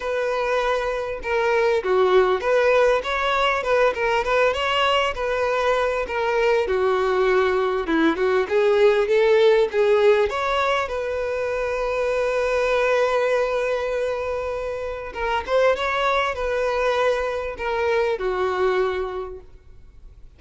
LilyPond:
\new Staff \with { instrumentName = "violin" } { \time 4/4 \tempo 4 = 99 b'2 ais'4 fis'4 | b'4 cis''4 b'8 ais'8 b'8 cis''8~ | cis''8 b'4. ais'4 fis'4~ | fis'4 e'8 fis'8 gis'4 a'4 |
gis'4 cis''4 b'2~ | b'1~ | b'4 ais'8 c''8 cis''4 b'4~ | b'4 ais'4 fis'2 | }